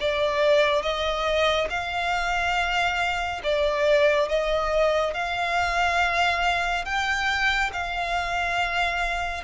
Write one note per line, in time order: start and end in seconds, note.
0.00 0.82 D5
0.82 1.68 D#5
1.70 3.41 F5
3.43 4.29 D5
4.29 5.14 D#5
5.14 6.85 F5
6.85 7.70 G5
7.73 9.43 F5